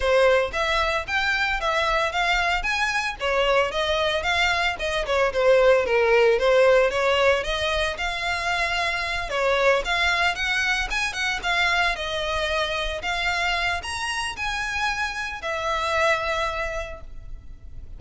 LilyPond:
\new Staff \with { instrumentName = "violin" } { \time 4/4 \tempo 4 = 113 c''4 e''4 g''4 e''4 | f''4 gis''4 cis''4 dis''4 | f''4 dis''8 cis''8 c''4 ais'4 | c''4 cis''4 dis''4 f''4~ |
f''4. cis''4 f''4 fis''8~ | fis''8 gis''8 fis''8 f''4 dis''4.~ | dis''8 f''4. ais''4 gis''4~ | gis''4 e''2. | }